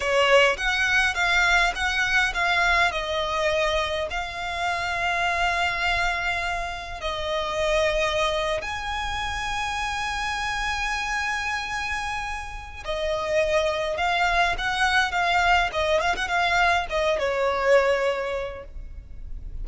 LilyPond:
\new Staff \with { instrumentName = "violin" } { \time 4/4 \tempo 4 = 103 cis''4 fis''4 f''4 fis''4 | f''4 dis''2 f''4~ | f''1 | dis''2~ dis''8. gis''4~ gis''16~ |
gis''1~ | gis''2 dis''2 | f''4 fis''4 f''4 dis''8 f''16 fis''16 | f''4 dis''8 cis''2~ cis''8 | }